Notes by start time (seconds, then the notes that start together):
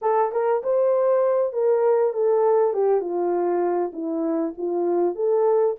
0.01 A4
0.32 A#4
0.63 C5
1.52 A#4
2.13 A4
2.73 G4
3.00 F4
3.92 E4
4.57 F4
5.15 A4